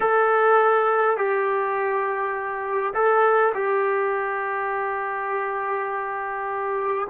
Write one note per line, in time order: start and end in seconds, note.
0.00 1.17 A4
1.17 2.93 G4
2.94 3.53 A4
3.54 7.07 G4